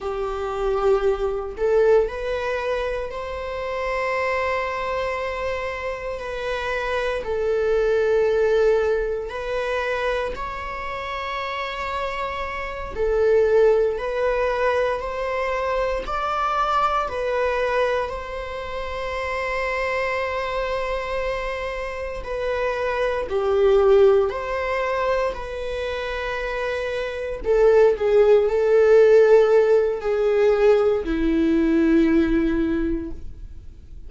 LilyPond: \new Staff \with { instrumentName = "viola" } { \time 4/4 \tempo 4 = 58 g'4. a'8 b'4 c''4~ | c''2 b'4 a'4~ | a'4 b'4 cis''2~ | cis''8 a'4 b'4 c''4 d''8~ |
d''8 b'4 c''2~ c''8~ | c''4. b'4 g'4 c''8~ | c''8 b'2 a'8 gis'8 a'8~ | a'4 gis'4 e'2 | }